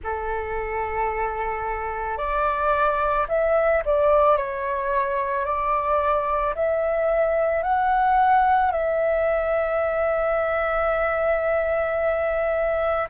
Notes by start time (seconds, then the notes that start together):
0.03 A4
2.17 D5
3.28 E5
3.85 D5
4.37 C#5
5.45 D5
6.55 E5
7.63 F#5
8.71 E5